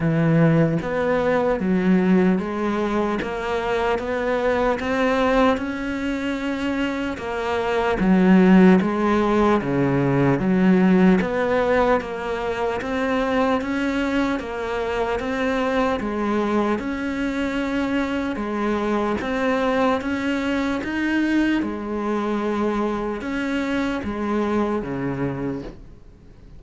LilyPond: \new Staff \with { instrumentName = "cello" } { \time 4/4 \tempo 4 = 75 e4 b4 fis4 gis4 | ais4 b4 c'4 cis'4~ | cis'4 ais4 fis4 gis4 | cis4 fis4 b4 ais4 |
c'4 cis'4 ais4 c'4 | gis4 cis'2 gis4 | c'4 cis'4 dis'4 gis4~ | gis4 cis'4 gis4 cis4 | }